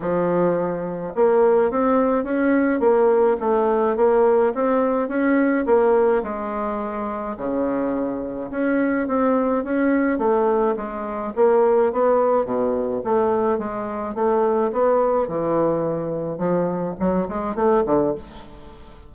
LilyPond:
\new Staff \with { instrumentName = "bassoon" } { \time 4/4 \tempo 4 = 106 f2 ais4 c'4 | cis'4 ais4 a4 ais4 | c'4 cis'4 ais4 gis4~ | gis4 cis2 cis'4 |
c'4 cis'4 a4 gis4 | ais4 b4 b,4 a4 | gis4 a4 b4 e4~ | e4 f4 fis8 gis8 a8 d8 | }